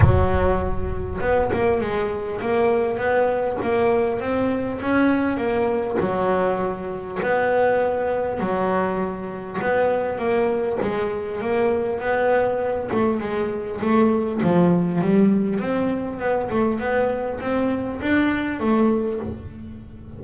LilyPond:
\new Staff \with { instrumentName = "double bass" } { \time 4/4 \tempo 4 = 100 fis2 b8 ais8 gis4 | ais4 b4 ais4 c'4 | cis'4 ais4 fis2 | b2 fis2 |
b4 ais4 gis4 ais4 | b4. a8 gis4 a4 | f4 g4 c'4 b8 a8 | b4 c'4 d'4 a4 | }